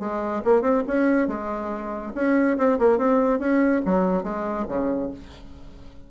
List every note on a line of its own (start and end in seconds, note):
0.00 0.42 G#3
0.45 0.62 A#3
0.62 0.83 C4
0.88 1.28 C#4
1.28 2.13 G#3
2.15 2.58 C#4
2.58 2.79 C4
2.79 2.99 A#3
2.99 3.40 C4
3.40 3.82 C#4
3.86 4.24 F#3
4.24 4.66 G#3
4.69 5.11 C#3